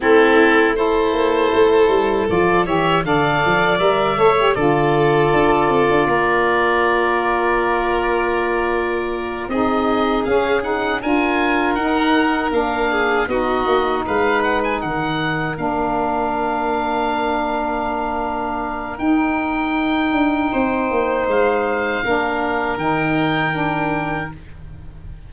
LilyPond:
<<
  \new Staff \with { instrumentName = "oboe" } { \time 4/4 \tempo 4 = 79 a'4 c''2 d''8 e''8 | f''4 e''4 d''2~ | d''1~ | d''8 dis''4 f''8 fis''8 gis''4 fis''8~ |
fis''8 f''4 dis''4 f''8 fis''16 gis''16 fis''8~ | fis''8 f''2.~ f''8~ | f''4 g''2. | f''2 g''2 | }
  \new Staff \with { instrumentName = "violin" } { \time 4/4 e'4 a'2~ a'8 cis''8 | d''4. cis''8 a'2 | ais'1~ | ais'8 gis'2 ais'4.~ |
ais'4 gis'8 fis'4 b'4 ais'8~ | ais'1~ | ais'2. c''4~ | c''4 ais'2. | }
  \new Staff \with { instrumentName = "saxophone" } { \time 4/4 c'4 e'2 f'8 g'8 | a'4 ais'8 a'16 g'16 f'2~ | f'1~ | f'8 dis'4 cis'8 dis'8 f'4 dis'8~ |
dis'8 d'4 dis'2~ dis'8~ | dis'8 d'2.~ d'8~ | d'4 dis'2.~ | dis'4 d'4 dis'4 d'4 | }
  \new Staff \with { instrumentName = "tuba" } { \time 4/4 a4. ais8 a8 g8 f8 e8 | d8 f8 g8 a8 d4 d'8 c'16 d'16 | ais1~ | ais8 c'4 cis'4 d'4 dis'8~ |
dis'8 ais4 b8 ais8 gis4 dis8~ | dis8 ais2.~ ais8~ | ais4 dis'4. d'8 c'8 ais8 | gis4 ais4 dis2 | }
>>